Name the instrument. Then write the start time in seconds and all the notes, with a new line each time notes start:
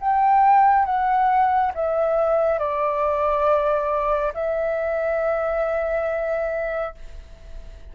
flute
0.00 G5
0.85 F#5
1.75 E5
2.59 D5
4.34 E5